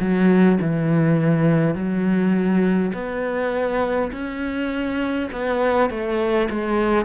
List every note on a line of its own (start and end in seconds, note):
0.00 0.59 F#3
0.61 1.74 E3
1.74 2.92 F#3
2.94 4.11 B3
4.12 5.29 C#4
5.32 5.90 B3
5.90 6.49 A3
6.50 7.05 G#3